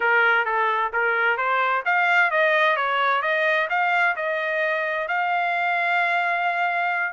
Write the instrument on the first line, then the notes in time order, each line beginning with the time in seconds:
trumpet
0.00 A#4
0.45 A4
0.93 A#4
1.37 C5
1.85 F5
2.30 D#5
2.76 C#5
3.22 D#5
3.69 F5
4.15 D#5
5.08 F5